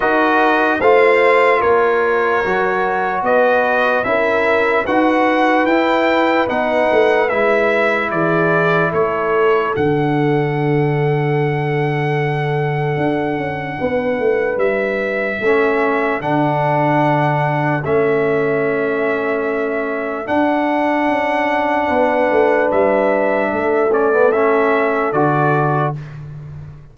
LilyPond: <<
  \new Staff \with { instrumentName = "trumpet" } { \time 4/4 \tempo 4 = 74 dis''4 f''4 cis''2 | dis''4 e''4 fis''4 g''4 | fis''4 e''4 d''4 cis''4 | fis''1~ |
fis''2 e''2 | fis''2 e''2~ | e''4 fis''2. | e''4. d''8 e''4 d''4 | }
  \new Staff \with { instrumentName = "horn" } { \time 4/4 ais'4 c''4 ais'2 | b'4 ais'4 b'2~ | b'2 gis'4 a'4~ | a'1~ |
a'4 b'2 a'4~ | a'1~ | a'2. b'4~ | b'4 a'2. | }
  \new Staff \with { instrumentName = "trombone" } { \time 4/4 fis'4 f'2 fis'4~ | fis'4 e'4 fis'4 e'4 | dis'4 e'2. | d'1~ |
d'2. cis'4 | d'2 cis'2~ | cis'4 d'2.~ | d'4. cis'16 b16 cis'4 fis'4 | }
  \new Staff \with { instrumentName = "tuba" } { \time 4/4 dis'4 a4 ais4 fis4 | b4 cis'4 dis'4 e'4 | b8 a8 gis4 e4 a4 | d1 |
d'8 cis'8 b8 a8 g4 a4 | d2 a2~ | a4 d'4 cis'4 b8 a8 | g4 a2 d4 | }
>>